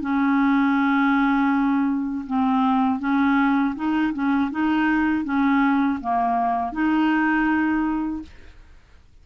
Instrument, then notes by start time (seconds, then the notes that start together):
clarinet
0.00 C#4
2.26 C4
2.99 C#4
3.75 D#4
4.13 C#4
4.51 D#4
5.24 C#4
6.00 A#3
6.72 D#4